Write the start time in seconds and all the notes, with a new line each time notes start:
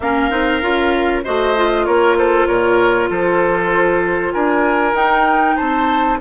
0.00 A#3 C#4 A#4 F5
0.30 C4 D#4
0.62 C#4 F4
1.24 A3 F#4 C5 D#5
1.56 F4
1.85 A#3 A#4 C#5
2.18 A4 C5
2.46 A#2 A#4 C#5
3.09 F3 A4 C5
4.32 D4 A#4 G#5
4.93 D#4 G5
5.56 C4 C5 A5